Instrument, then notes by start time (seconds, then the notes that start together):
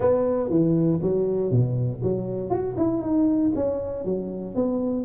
tuba
0.00 B3
0.49 E3
1.02 F#3
1.50 B2
2.02 F#3
2.50 F#4
2.77 E4
3.01 D#4
3.55 C#4
4.05 F#3
4.55 B3